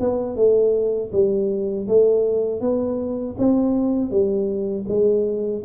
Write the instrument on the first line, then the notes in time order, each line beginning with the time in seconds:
tuba
0.00 B3
0.36 A3
1.12 G3
1.88 A3
2.61 B3
3.38 C4
4.10 G3
4.89 G#3